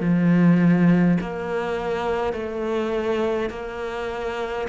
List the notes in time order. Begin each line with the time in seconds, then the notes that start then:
0.00 F3
1.20 A#3
2.33 A3
3.50 A#3